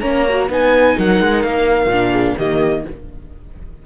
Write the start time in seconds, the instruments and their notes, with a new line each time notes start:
0.00 cello A#3, viola C#4, horn C#5, violin A#5
0.29 viola F#4
0.49 cello B3, viola D#4, horn B4, violin G#5
0.98 cello F#3, horn A#4, violin F#5
1.20 cello G#3
1.42 cello A#3, violin F5
1.86 cello A#2, viola D4
2.12 horn G#4
2.37 cello D#3, viola A#3, horn G4, violin D#5